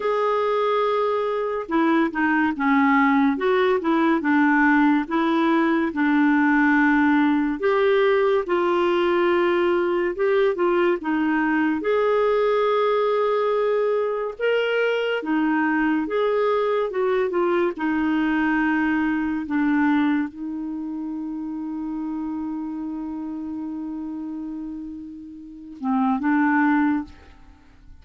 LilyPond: \new Staff \with { instrumentName = "clarinet" } { \time 4/4 \tempo 4 = 71 gis'2 e'8 dis'8 cis'4 | fis'8 e'8 d'4 e'4 d'4~ | d'4 g'4 f'2 | g'8 f'8 dis'4 gis'2~ |
gis'4 ais'4 dis'4 gis'4 | fis'8 f'8 dis'2 d'4 | dis'1~ | dis'2~ dis'8 c'8 d'4 | }